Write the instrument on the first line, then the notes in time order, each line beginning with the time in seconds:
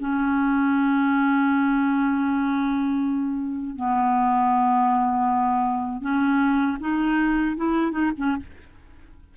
clarinet
0.00 C#4
3.76 B3
6.02 C#4
6.80 D#4
7.57 E4
7.92 D#4
8.18 C#4